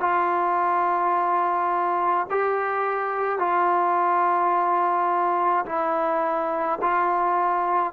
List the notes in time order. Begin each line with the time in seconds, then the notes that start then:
0.00 F4
2.30 G4
3.38 F4
5.65 E4
6.81 F4